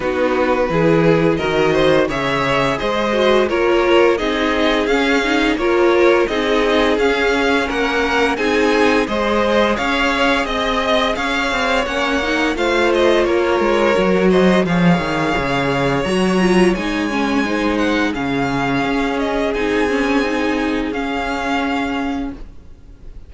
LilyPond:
<<
  \new Staff \with { instrumentName = "violin" } { \time 4/4 \tempo 4 = 86 b'2 dis''4 e''4 | dis''4 cis''4 dis''4 f''4 | cis''4 dis''4 f''4 fis''4 | gis''4 dis''4 f''4 dis''4 |
f''4 fis''4 f''8 dis''8 cis''4~ | cis''8 dis''8 f''2 ais''4 | gis''4. fis''8 f''4. dis''8 | gis''2 f''2 | }
  \new Staff \with { instrumentName = "violin" } { \time 4/4 fis'4 gis'4 ais'8 c''8 cis''4 | c''4 ais'4 gis'2 | ais'4 gis'2 ais'4 | gis'4 c''4 cis''4 dis''4 |
cis''2 c''4 ais'4~ | ais'8 c''8 cis''2.~ | cis''4 c''4 gis'2~ | gis'1 | }
  \new Staff \with { instrumentName = "viola" } { \time 4/4 dis'4 e'4 fis'4 gis'4~ | gis'8 fis'8 f'4 dis'4 cis'8 dis'8 | f'4 dis'4 cis'2 | dis'4 gis'2.~ |
gis'4 cis'8 dis'8 f'2 | fis'4 gis'2 fis'8 f'8 | dis'8 cis'8 dis'4 cis'2 | dis'8 cis'8 dis'4 cis'2 | }
  \new Staff \with { instrumentName = "cello" } { \time 4/4 b4 e4 dis4 cis4 | gis4 ais4 c'4 cis'4 | ais4 c'4 cis'4 ais4 | c'4 gis4 cis'4 c'4 |
cis'8 c'8 ais4 a4 ais8 gis8 | fis4 f8 dis8 cis4 fis4 | gis2 cis4 cis'4 | c'2 cis'2 | }
>>